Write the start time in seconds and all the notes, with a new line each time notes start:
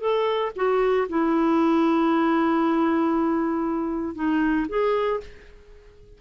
0.00 A4
0.56 F#4
1.09 E4
4.15 D#4
4.69 G#4